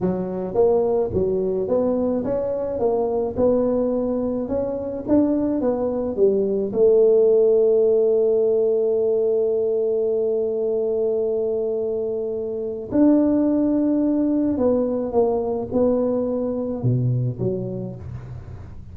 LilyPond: \new Staff \with { instrumentName = "tuba" } { \time 4/4 \tempo 4 = 107 fis4 ais4 fis4 b4 | cis'4 ais4 b2 | cis'4 d'4 b4 g4 | a1~ |
a1~ | a2. d'4~ | d'2 b4 ais4 | b2 b,4 fis4 | }